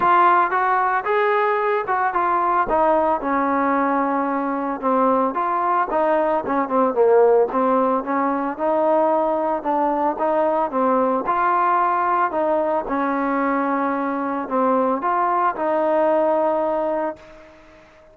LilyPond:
\new Staff \with { instrumentName = "trombone" } { \time 4/4 \tempo 4 = 112 f'4 fis'4 gis'4. fis'8 | f'4 dis'4 cis'2~ | cis'4 c'4 f'4 dis'4 | cis'8 c'8 ais4 c'4 cis'4 |
dis'2 d'4 dis'4 | c'4 f'2 dis'4 | cis'2. c'4 | f'4 dis'2. | }